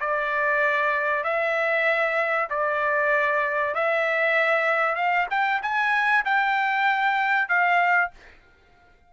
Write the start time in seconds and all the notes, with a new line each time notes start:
0.00 D5
1.24 E5
2.50 D5
3.74 E5
4.95 F5
5.30 G5
5.62 G#5
6.25 G5
7.49 F5